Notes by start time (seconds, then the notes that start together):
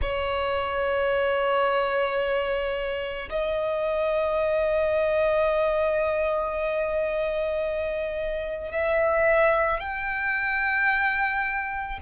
0.01 C#5
3.29 D#5
8.71 E5
9.80 G5